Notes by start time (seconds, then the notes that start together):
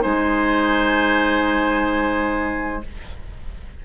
0.00 G#3 D#4 C5 G#5